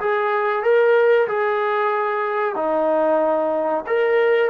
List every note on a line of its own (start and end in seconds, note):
0.00 0.63 G#4
0.63 1.27 A#4
1.28 2.55 G#4
2.55 3.84 D#4
3.86 4.50 A#4